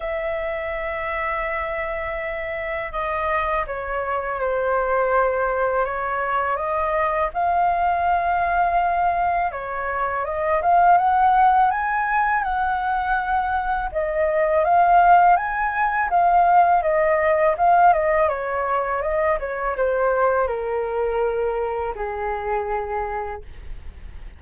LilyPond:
\new Staff \with { instrumentName = "flute" } { \time 4/4 \tempo 4 = 82 e''1 | dis''4 cis''4 c''2 | cis''4 dis''4 f''2~ | f''4 cis''4 dis''8 f''8 fis''4 |
gis''4 fis''2 dis''4 | f''4 gis''4 f''4 dis''4 | f''8 dis''8 cis''4 dis''8 cis''8 c''4 | ais'2 gis'2 | }